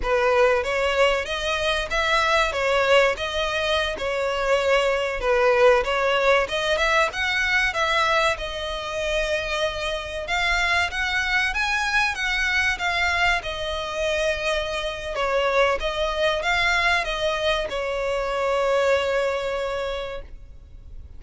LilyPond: \new Staff \with { instrumentName = "violin" } { \time 4/4 \tempo 4 = 95 b'4 cis''4 dis''4 e''4 | cis''4 dis''4~ dis''16 cis''4.~ cis''16~ | cis''16 b'4 cis''4 dis''8 e''8 fis''8.~ | fis''16 e''4 dis''2~ dis''8.~ |
dis''16 f''4 fis''4 gis''4 fis''8.~ | fis''16 f''4 dis''2~ dis''8. | cis''4 dis''4 f''4 dis''4 | cis''1 | }